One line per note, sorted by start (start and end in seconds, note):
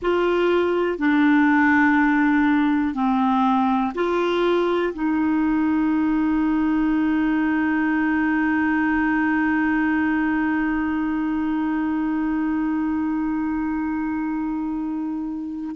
0.01 0.98 F4
0.98 2.94 D4
2.94 3.93 C4
3.94 4.93 F4
4.93 15.75 D#4